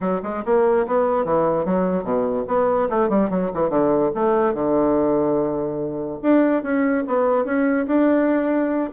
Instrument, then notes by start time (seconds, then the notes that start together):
bassoon
0.00 F#3
0.22 G#3
0.45 A#3
0.86 B3
1.24 E3
1.65 F#3
2.03 B2
2.47 B3
2.89 A3
3.09 G3
3.30 F#3
3.54 E3
3.69 D3
4.15 A3
4.54 D3
6.22 D4
6.62 C#4
7.07 B3
7.44 C#4
7.87 D4